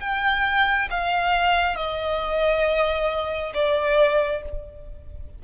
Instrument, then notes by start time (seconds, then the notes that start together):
violin
0.00 G5
0.90 F5
1.76 D#5
3.54 D5